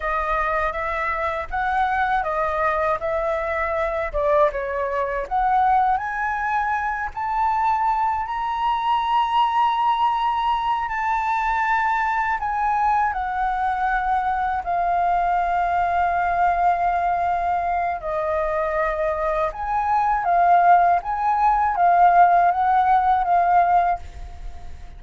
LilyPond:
\new Staff \with { instrumentName = "flute" } { \time 4/4 \tempo 4 = 80 dis''4 e''4 fis''4 dis''4 | e''4. d''8 cis''4 fis''4 | gis''4. a''4. ais''4~ | ais''2~ ais''8 a''4.~ |
a''8 gis''4 fis''2 f''8~ | f''1 | dis''2 gis''4 f''4 | gis''4 f''4 fis''4 f''4 | }